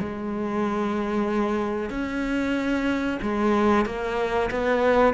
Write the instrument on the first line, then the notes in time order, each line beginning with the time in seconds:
cello
0.00 G#3
1.90 C#4
3.23 G#3
3.86 A#3
4.51 B3